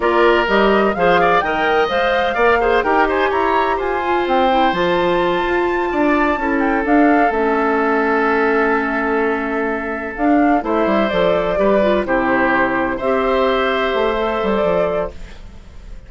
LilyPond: <<
  \new Staff \with { instrumentName = "flute" } { \time 4/4 \tempo 4 = 127 d''4 dis''4 f''4 g''4 | f''2 g''8 gis''8 ais''4 | gis''4 g''4 a''2~ | a''2 g''8 f''4 e''8~ |
e''1~ | e''4. f''4 e''4 d''8~ | d''4. c''2 e''8~ | e''2~ e''8. d''4~ d''16 | }
  \new Staff \with { instrumentName = "oboe" } { \time 4/4 ais'2 c''8 d''8 dis''4~ | dis''4 d''8 c''8 ais'8 c''8 cis''4 | c''1~ | c''8 d''4 a'2~ a'8~ |
a'1~ | a'2~ a'8 c''4.~ | c''8 b'4 g'2 c''8~ | c''1 | }
  \new Staff \with { instrumentName = "clarinet" } { \time 4/4 f'4 g'4 gis'4 ais'4 | c''4 ais'8 gis'8 g'2~ | g'8 f'4 e'8 f'2~ | f'4. e'4 d'4 cis'8~ |
cis'1~ | cis'4. d'4 e'4 a'8~ | a'8 g'8 f'8 e'2 g'8~ | g'2 a'2 | }
  \new Staff \with { instrumentName = "bassoon" } { \time 4/4 ais4 g4 f4 dis4 | gis4 ais4 dis'4 e'4 | f'4 c'4 f4. f'8~ | f'8 d'4 cis'4 d'4 a8~ |
a1~ | a4. d'4 a8 g8 f8~ | f8 g4 c2 c'8~ | c'4. a4 g8 f4 | }
>>